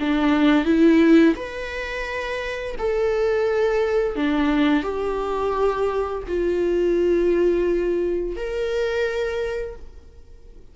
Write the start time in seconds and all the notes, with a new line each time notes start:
0.00 D4
0.65 E4
1.36 B4
2.79 A4
4.16 D4
4.83 G4
6.28 F4
8.37 A#4